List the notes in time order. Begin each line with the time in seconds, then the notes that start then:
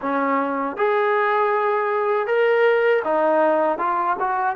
0.01 C#4
0.77 G#4
2.26 A#4
3.04 D#4
3.78 F4
4.19 F#4